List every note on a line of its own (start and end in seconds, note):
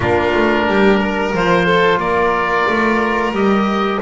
0.00 0.33 A#3
0.00 1.34 D4
0.00 0.65 F4
0.00 1.32 A#4
0.34 0.67 A3
0.67 1.33 G3
0.67 0.99 G4
0.99 1.65 A#4
1.33 1.97 F3
1.33 3.34 F4
1.33 1.99 C5
1.65 1.98 A4
1.97 2.63 A#3
1.97 3.99 A#4
1.97 3.33 D5
2.68 3.31 A3
3.31 3.98 G3
3.31 4.01 G4
3.31 4.01 D#5